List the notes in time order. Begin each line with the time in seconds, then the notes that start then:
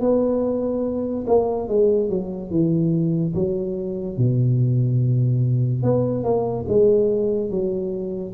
0.00 B3
1.27 A#3
1.68 G#3
2.09 F#3
2.50 E3
3.35 F#3
4.17 B2
5.83 B3
6.24 A#3
6.68 G#3
7.50 F#3